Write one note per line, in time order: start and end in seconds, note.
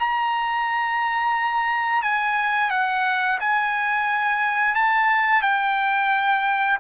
0.00 2.03 A#5
2.03 2.71 G#5
2.71 3.39 F#5
3.41 4.75 G#5
4.75 5.43 A5
5.43 6.79 G5